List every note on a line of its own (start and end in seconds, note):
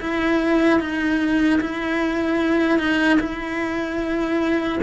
0.00 0.80 E4
0.80 1.60 D#4
1.60 2.78 E4
2.78 3.18 D#4
3.19 4.79 E4